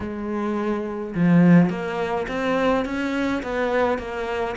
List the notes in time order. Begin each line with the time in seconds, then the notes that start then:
0.00 G#3
1.15 F3
1.69 A#3
2.28 C4
2.85 C#4
3.42 B3
3.98 A#3